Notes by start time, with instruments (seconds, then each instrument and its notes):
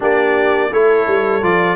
0.00 tuba A#3, trombone D4, horn G4, trumpet D5
0.71 tuba A3, trombone E4, horn A4, trumpet C#5
1.07 tuba G3
1.42 tuba F3, trombone F4, trumpet D5